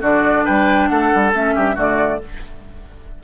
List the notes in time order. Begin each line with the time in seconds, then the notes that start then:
0.00 D3 D4 F#4 D5
0.44 G3 B4 G5
0.88 A3 A4 F#5
1.14 G3
1.33 A3 C#4 E5
1.55 G2 G4
1.74 D3 A3 F#4 D5